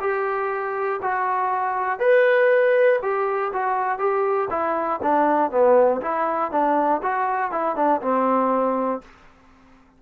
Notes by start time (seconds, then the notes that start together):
0.00 G4
1.02 F#4
1.99 B4
3.02 G4
3.52 F#4
3.98 G4
4.50 E4
5.02 D4
5.51 B3
6.01 E4
6.51 D4
7.02 F#4
7.51 E4
7.76 D4
8.01 C4